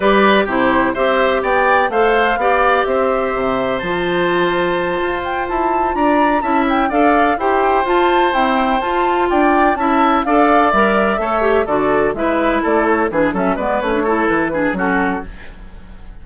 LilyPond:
<<
  \new Staff \with { instrumentName = "flute" } { \time 4/4 \tempo 4 = 126 d''4 c''4 e''4 g''4 | f''2 e''2 | a''2. g''8 a''8~ | a''8 ais''4 a''8 g''8 f''4 g''8~ |
g''8 a''4 g''4 a''4 g''8~ | g''8 a''4 f''4 e''4.~ | e''8 d''4 e''4 d''8 cis''8 b'8 | e''8 d''8 cis''4 b'4 a'4 | }
  \new Staff \with { instrumentName = "oboe" } { \time 4/4 b'4 g'4 c''4 d''4 | c''4 d''4 c''2~ | c''1~ | c''8 d''4 e''4 d''4 c''8~ |
c''2.~ c''8 d''8~ | d''8 e''4 d''2 cis''8~ | cis''8 a'4 b'4 a'4 gis'8 | a'8 b'4 a'4 gis'8 fis'4 | }
  \new Staff \with { instrumentName = "clarinet" } { \time 4/4 g'4 e'4 g'2 | a'4 g'2. | f'1~ | f'4. e'4 a'4 g'8~ |
g'8 f'4 c'4 f'4.~ | f'8 e'4 a'4 ais'4 a'8 | g'8 fis'4 e'2 d'8 | cis'8 b8 cis'16 d'16 e'4 d'8 cis'4 | }
  \new Staff \with { instrumentName = "bassoon" } { \time 4/4 g4 c4 c'4 b4 | a4 b4 c'4 c4 | f2~ f8 f'4 e'8~ | e'8 d'4 cis'4 d'4 e'8~ |
e'8 f'4 e'4 f'4 d'8~ | d'8 cis'4 d'4 g4 a8~ | a8 d4 gis4 a4 e8 | fis8 gis8 a4 e4 fis4 | }
>>